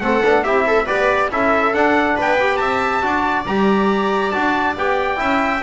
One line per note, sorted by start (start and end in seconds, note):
0.00 0.22 A3
0.00 0.23 C4
0.00 0.44 A4
0.00 0.43 F#5
0.25 0.44 B3
0.25 0.46 D4
0.43 0.87 C4
0.43 0.87 E4
0.43 0.65 G4
0.43 0.87 E5
0.67 0.85 A4
0.85 1.30 B3
0.85 1.30 G4
0.85 1.29 B4
0.85 1.30 D5
1.30 1.73 C#4
1.30 1.74 E4
1.30 2.16 A4
1.30 1.74 E5
1.73 2.16 D4
1.73 2.39 D4
1.73 2.17 F#5
2.16 2.60 B3
2.16 2.59 B4
2.16 2.56 G5
2.40 3.02 G4
2.56 3.02 C4
2.56 3.04 E5
2.56 3.43 A5
3.02 3.45 D4
3.02 3.45 F#4
3.02 5.20 D5
3.45 4.32 G3
3.45 4.33 G4
3.45 4.31 A#5
4.31 4.76 D4
4.31 4.76 F#4
4.31 4.74 A5
4.76 5.19 B3
4.76 5.16 G4
4.76 5.62 G5
5.16 5.62 C#4
5.16 5.60 E4
5.16 5.62 E5